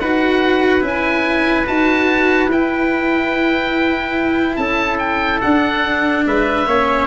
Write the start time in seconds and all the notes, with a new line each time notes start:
0.00 D#4 F#4 B4 F#5
0.81 C#4 E4
0.87 G#5
1.66 D#4 F#4 A5
2.47 E4 G5
4.56 C#4 A4 A5
4.99 G5
5.41 D4 F#5
6.26 G#3 B4 E5
6.67 A#3 C#4 C#5